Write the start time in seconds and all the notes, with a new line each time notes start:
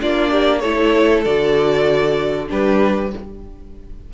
0.00 A#3 D4 F4 D5
0.32 G4
0.60 A3 E4 A4 C#5
1.25 D3 F#4 D5
2.47 G3 D4 G4 B4